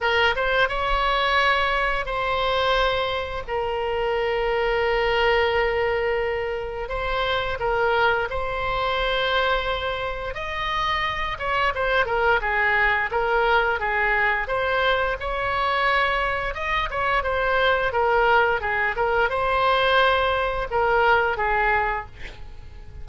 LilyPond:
\new Staff \with { instrumentName = "oboe" } { \time 4/4 \tempo 4 = 87 ais'8 c''8 cis''2 c''4~ | c''4 ais'2.~ | ais'2 c''4 ais'4 | c''2. dis''4~ |
dis''8 cis''8 c''8 ais'8 gis'4 ais'4 | gis'4 c''4 cis''2 | dis''8 cis''8 c''4 ais'4 gis'8 ais'8 | c''2 ais'4 gis'4 | }